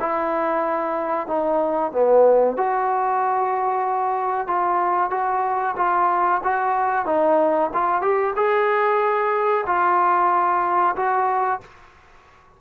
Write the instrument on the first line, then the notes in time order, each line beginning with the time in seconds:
trombone
0.00 E4
1.27 D#4
1.92 B3
2.57 F#4
4.48 F4
5.11 F#4
5.77 F4
6.44 F#4
7.06 D#4
7.74 F4
8.01 G4
8.36 G#4
9.67 F4
10.96 F#4